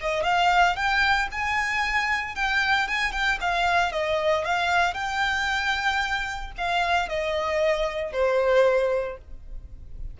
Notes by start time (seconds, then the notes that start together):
0.00 D#5
0.23 F5
0.75 G5
1.31 G#5
2.35 G5
2.87 G#5
3.11 G5
3.40 F5
3.92 D#5
4.44 F5
4.93 G5
6.57 F5
7.09 D#5
8.12 C5